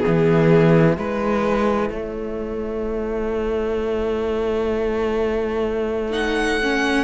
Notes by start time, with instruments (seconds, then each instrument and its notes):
0.00 viola B3, violin G#4 E5
0.07 cello E3
0.96 cello G#3, viola E4, violin B4
1.90 cello A3, violin C#5
6.12 viola D#4, violin F#5
6.63 viola C#4